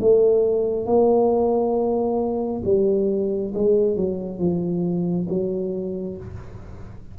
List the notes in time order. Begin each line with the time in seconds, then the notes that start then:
0.00 A3
0.85 A#3
2.65 G3
3.54 G#3
3.96 F#3
4.39 F3
5.29 F#3